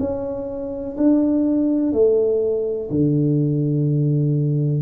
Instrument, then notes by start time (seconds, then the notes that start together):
tuba
0.00 C#4
0.97 D4
1.93 A3
2.90 D3